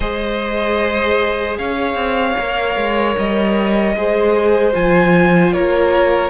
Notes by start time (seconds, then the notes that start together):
0.00 G#3 G#4 C5 D#5
1.57 C#4 C#5 F5
1.94 C4
2.37 A#3 A#4
2.76 G#3
3.17 G3 D#5
3.95 G#3 G#4 C5
4.73 F3 F4 G#5
5.52 A#3 A#4 C#5